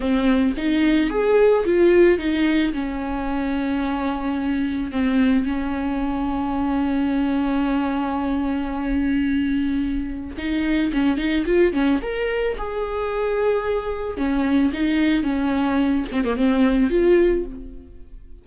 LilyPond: \new Staff \with { instrumentName = "viola" } { \time 4/4 \tempo 4 = 110 c'4 dis'4 gis'4 f'4 | dis'4 cis'2.~ | cis'4 c'4 cis'2~ | cis'1~ |
cis'2. dis'4 | cis'8 dis'8 f'8 cis'8 ais'4 gis'4~ | gis'2 cis'4 dis'4 | cis'4. c'16 ais16 c'4 f'4 | }